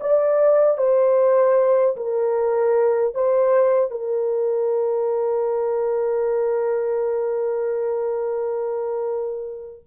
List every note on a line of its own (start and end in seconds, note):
0.00 0.77 D5
0.77 1.96 C5
1.96 3.14 A#4
3.14 3.90 C5
3.90 9.83 A#4